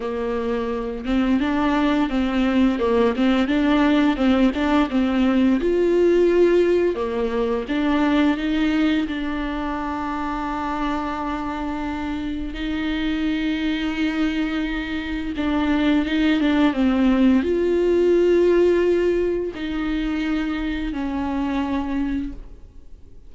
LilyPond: \new Staff \with { instrumentName = "viola" } { \time 4/4 \tempo 4 = 86 ais4. c'8 d'4 c'4 | ais8 c'8 d'4 c'8 d'8 c'4 | f'2 ais4 d'4 | dis'4 d'2.~ |
d'2 dis'2~ | dis'2 d'4 dis'8 d'8 | c'4 f'2. | dis'2 cis'2 | }